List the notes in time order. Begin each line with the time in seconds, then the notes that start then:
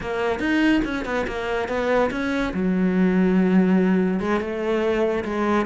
0.00 A#3
0.39 D#4
0.84 C#4
1.05 B3
1.27 A#3
1.68 B3
2.11 C#4
2.53 F#3
4.20 G#3
4.40 A3
5.24 G#3